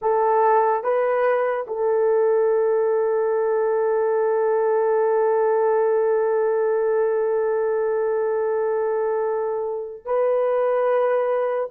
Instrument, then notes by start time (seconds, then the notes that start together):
horn
0.01 A4
0.83 B4
1.67 A4
10.05 B4